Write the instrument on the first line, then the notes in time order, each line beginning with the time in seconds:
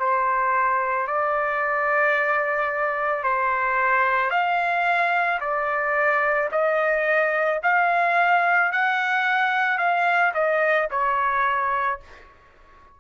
trumpet
0.00 C5
1.07 D5
3.24 C5
4.31 F5
5.40 D5
6.52 D#5
7.63 F5
8.72 F#5
9.78 F5
10.34 D#5
10.91 C#5